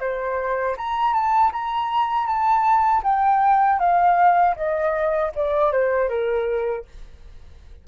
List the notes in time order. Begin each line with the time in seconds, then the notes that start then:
0.00 C5
0.77 A#5
1.14 A5
1.52 A#5
2.26 A5
3.03 G5
3.79 F5
4.56 D#5
5.35 D5
5.72 C5
6.09 A#4